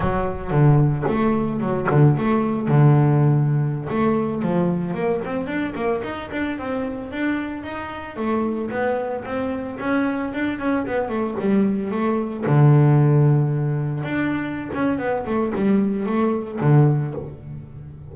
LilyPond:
\new Staff \with { instrumentName = "double bass" } { \time 4/4 \tempo 4 = 112 fis4 d4 a4 fis8 d8 | a4 d2~ d16 a8.~ | a16 f4 ais8 c'8 d'8 ais8 dis'8 d'16~ | d'16 c'4 d'4 dis'4 a8.~ |
a16 b4 c'4 cis'4 d'8 cis'16~ | cis'16 b8 a8 g4 a4 d8.~ | d2~ d16 d'4~ d'16 cis'8 | b8 a8 g4 a4 d4 | }